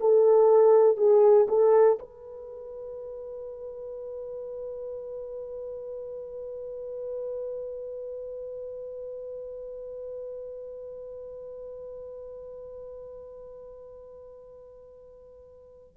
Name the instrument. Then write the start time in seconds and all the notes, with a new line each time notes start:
horn
0.00 A4
0.97 G#4
1.48 A4
1.99 B4